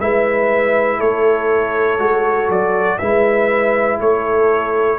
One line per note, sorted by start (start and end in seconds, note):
0.00 1.00 G#3
0.00 1.99 E4
0.00 0.98 B4
0.00 1.00 E5
0.98 1.99 A3
0.98 2.98 A4
0.98 2.50 C#5
1.99 2.49 G#3
1.99 2.99 F#4
2.49 2.99 F#3
2.49 2.98 D5
2.98 4.00 G#3
2.98 4.99 E4
2.98 3.99 B4
2.98 3.98 E5
4.00 4.99 A3
4.00 4.99 A4
4.00 4.99 C#5